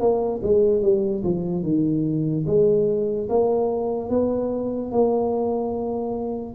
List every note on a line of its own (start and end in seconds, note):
0.00 0.41 A#3
0.43 0.82 G#3
0.82 1.23 G3
1.24 1.63 F3
1.63 2.45 D#3
2.47 3.29 G#3
3.30 4.10 A#3
4.10 4.92 B3
4.92 6.55 A#3